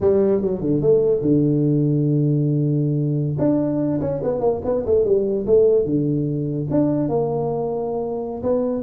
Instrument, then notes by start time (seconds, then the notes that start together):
tuba
0.01 G3
0.41 F#3
0.61 D3
0.81 A3
1.21 D3
3.38 D4
4.00 C#4
4.23 B3
4.40 A#3
4.64 B3
4.86 A3
5.05 G3
5.46 A3
5.85 D3
6.71 D4
7.09 A#3
8.42 B3